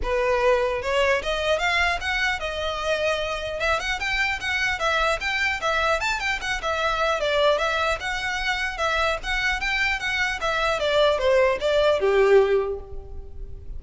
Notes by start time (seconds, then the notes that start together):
0.02 B4
0.82 C#5
1.23 D#5
1.59 F5
2.00 F#5
2.39 D#5
3.59 E5
3.79 F#5
3.99 G5
4.40 F#5
4.79 E5
5.20 G5
5.61 E5
6.00 A5
6.19 G5
6.41 F#5
6.61 E5
7.20 D5
7.58 E5
7.99 F#5
8.77 E5
9.23 F#5
9.60 G5
9.99 F#5
10.40 E5
10.79 D5
11.18 C5
11.60 D5
11.99 G4